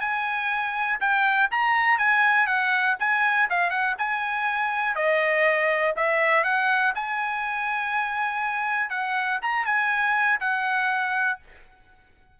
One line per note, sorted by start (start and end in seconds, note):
0.00 0.99 G#5
1.00 1.50 G5
1.51 1.98 A#5
1.98 2.47 G#5
2.47 2.96 F#5
2.99 3.49 G#5
3.50 3.70 F5
3.70 3.95 F#5
3.98 4.95 G#5
4.95 5.95 D#5
5.96 6.44 E5
6.44 6.93 F#5
6.95 8.90 G#5
8.90 9.39 F#5
9.42 9.65 A#5
9.65 10.40 G#5
10.40 11.39 F#5